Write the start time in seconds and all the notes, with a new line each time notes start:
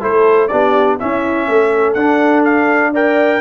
0.00 A3 E4 A4 C5
0.47 B3 D4 G4 D5
0.99 C#4 E4 E5
1.48 A3 A4
1.93 D4 F#5
2.44 F5
2.92 A#4 D5 G5